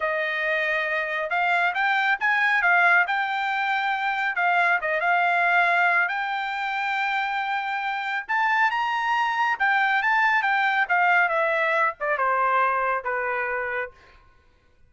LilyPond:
\new Staff \with { instrumentName = "trumpet" } { \time 4/4 \tempo 4 = 138 dis''2. f''4 | g''4 gis''4 f''4 g''4~ | g''2 f''4 dis''8 f''8~ | f''2 g''2~ |
g''2. a''4 | ais''2 g''4 a''4 | g''4 f''4 e''4. d''8 | c''2 b'2 | }